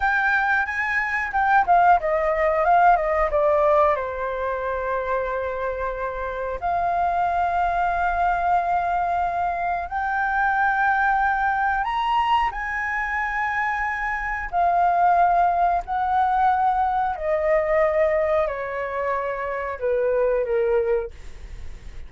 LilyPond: \new Staff \with { instrumentName = "flute" } { \time 4/4 \tempo 4 = 91 g''4 gis''4 g''8 f''8 dis''4 | f''8 dis''8 d''4 c''2~ | c''2 f''2~ | f''2. g''4~ |
g''2 ais''4 gis''4~ | gis''2 f''2 | fis''2 dis''2 | cis''2 b'4 ais'4 | }